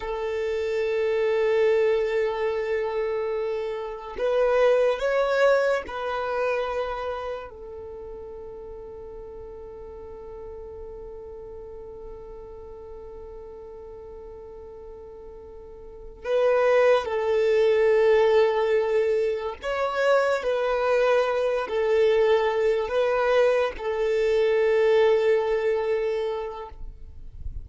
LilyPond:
\new Staff \with { instrumentName = "violin" } { \time 4/4 \tempo 4 = 72 a'1~ | a'4 b'4 cis''4 b'4~ | b'4 a'2.~ | a'1~ |
a'2.~ a'8 b'8~ | b'8 a'2. cis''8~ | cis''8 b'4. a'4. b'8~ | b'8 a'2.~ a'8 | }